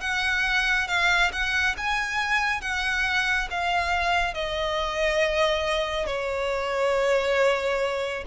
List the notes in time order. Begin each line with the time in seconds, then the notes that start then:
0.00 F#5
0.87 F5
1.32 F#5
1.77 G#5
2.61 F#5
3.50 F5
4.34 D#5
6.06 C#5